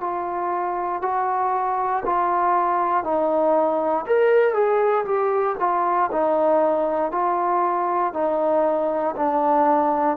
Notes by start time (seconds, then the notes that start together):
0.00 F4
1.01 F#4
2.05 F4
3.03 D#4
4.06 A#4
4.53 G#4
5.05 G4
5.59 F4
6.12 D#4
7.11 F4
8.13 D#4
9.16 D4